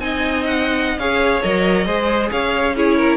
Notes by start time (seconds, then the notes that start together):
0.00 C4 D#4 D#5 G#5
0.46 F#5
0.98 C#4 G#4 C#5 F5
1.43 F#3 A#4 D#5
1.87 G#3 G#4 C5
2.32 C#4 C#5 F5
2.76 E4 G#4 C#5
2.98 A#4